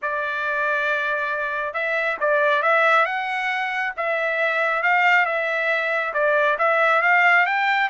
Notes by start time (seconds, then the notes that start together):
0.01 D5
1.73 E5
2.20 D5
2.62 E5
3.05 F#5
3.97 E5
4.82 F5
5.25 E5
6.13 D5
6.58 E5
7.02 F5
7.46 G5